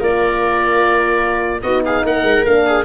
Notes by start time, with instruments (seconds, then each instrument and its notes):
0.00 tuba A#3, horn F4, viola A#4, oboe D5
1.62 tuba B3, horn D#4, viola F#4, oboe D#5
1.86 viola G#4, oboe F5
2.05 tuba A#3, viola A#4, oboe F#5
2.24 tuba G#3
2.46 tuba A#3, horn D4, oboe F5
2.67 viola G#4